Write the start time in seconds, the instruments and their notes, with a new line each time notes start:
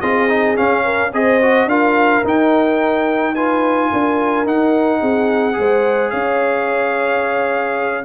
0.00 tuba C4, trombone F4, horn G#4, trumpet D#5
0.28 trombone D#4
0.56 trombone C#4, tuba C#4, trumpet F5
0.84 horn A#4
1.13 tuba C4, trombone G#4, horn C5, trumpet D#5
1.42 trombone F#4
1.65 tuba D4, trombone F4, horn A#4, trumpet F5
2.23 tuba D#4, trombone D#4, trumpet G5
3.34 trombone F4, horn B4, trumpet G#5
3.91 tuba D4, horn A#4
4.45 trombone D#4, tuba D#4, trumpet F#5
5.00 tuba C4, horn G#4
5.53 tuba G#3, trombone G#4, horn C5
6.10 tuba C#4, horn C#5, trumpet F5